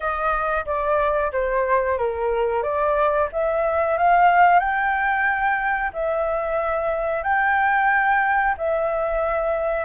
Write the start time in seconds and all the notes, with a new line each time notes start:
0.00 D#5
0.65 D5
1.32 C5
1.98 A#4
2.62 D5
3.32 E5
3.97 F5
4.59 G5
5.93 E5
7.23 G5
8.57 E5